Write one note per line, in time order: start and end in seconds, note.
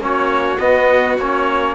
0.00 0.58 A#3
0.00 0.59 C#4
0.00 1.75 F#4
0.00 0.59 C#5
0.59 1.18 B3
0.59 1.19 B3
0.59 1.17 D#5
1.18 1.75 A#3
1.18 1.75 C#4
1.18 1.75 C#5